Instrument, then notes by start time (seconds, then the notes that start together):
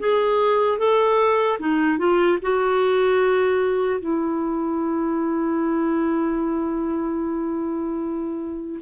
clarinet
0.00 G#4
0.79 A4
1.59 D#4
1.99 F4
2.42 F#4
4.00 E4